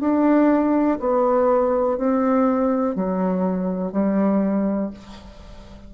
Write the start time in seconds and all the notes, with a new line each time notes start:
0.00 D4
1.00 B3
1.98 C4
2.95 F#3
3.92 G3